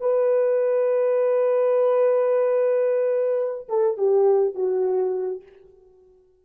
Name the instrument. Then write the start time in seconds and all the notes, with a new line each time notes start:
horn
0.00 B4
3.69 A4
3.98 G4
4.55 F#4